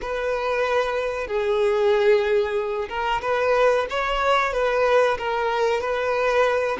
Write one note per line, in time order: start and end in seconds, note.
0.01 1.27 B4
1.27 2.88 G#4
2.89 3.21 A#4
3.21 3.86 B4
3.90 4.52 C#5
4.52 5.17 B4
5.18 5.80 A#4
5.80 6.77 B4